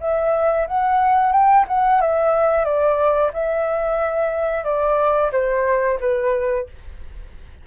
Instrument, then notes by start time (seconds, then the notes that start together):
flute
0.00 E5
0.67 F#5
1.32 G5
1.68 F#5
2.01 E5
2.65 D5
3.33 E5
4.64 D5
5.32 C5
6.00 B4